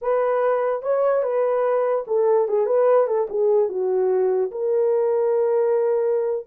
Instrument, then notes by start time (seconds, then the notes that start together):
horn
0.01 B4
0.82 C#5
1.22 B4
2.07 A4
2.48 G#4
2.66 B4
3.07 A4
3.29 G#4
3.68 F#4
4.51 A#4